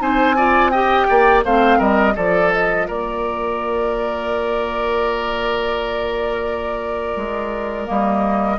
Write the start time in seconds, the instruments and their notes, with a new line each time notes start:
0.00 bassoon C4, clarinet D#4, oboe C5, flute G#5
0.37 clarinet F4, oboe D5
0.71 clarinet G4, oboe D#5, flute G5
1.09 bassoon A#3, oboe D5
1.45 bassoon A3, clarinet C4, oboe C5, flute F5
1.79 bassoon G3, oboe A#4, flute D#5
2.16 bassoon F3, clarinet F4, oboe A4, flute D5
2.53 flute D#5
2.88 bassoon A#3, oboe A#4, flute D5
7.17 bassoon G#3
7.86 bassoon G3, clarinet A#3, flute D#5